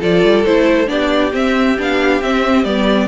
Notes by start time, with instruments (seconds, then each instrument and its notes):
0.00 cello F3, viola F4, violin A4 D5
0.24 cello G3
0.45 cello A3, viola E4, violin C5
0.87 cello B3, viola D4, violin G4 D5
1.32 viola C4, cello C4, violin E5
1.78 cello B3, viola D4, violin F5
2.22 cello C4, viola C4, violin E5
2.64 cello G3, viola B3, violin D5